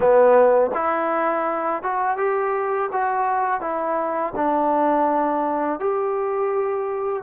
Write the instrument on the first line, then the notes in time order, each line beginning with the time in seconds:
trombone
0.00 B3
0.74 E4
1.82 F#4
2.17 G4
2.91 F#4
3.60 E4
4.35 D4
5.79 G4